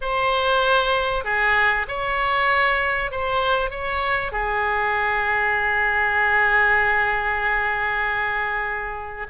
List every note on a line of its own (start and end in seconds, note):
0.01 1.24 C5
1.24 1.86 G#4
1.88 3.11 C#5
3.11 3.70 C5
3.70 4.32 C#5
4.32 9.26 G#4